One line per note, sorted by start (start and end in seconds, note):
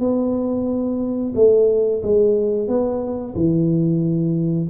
0.00 1.33 B3
1.35 2.02 A3
2.03 2.68 G#3
2.68 3.34 B3
3.35 4.68 E3